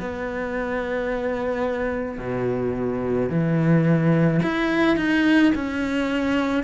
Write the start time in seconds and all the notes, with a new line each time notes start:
0.00 B3
2.19 B2
3.30 E3
4.43 E4
4.97 D#4
5.56 C#4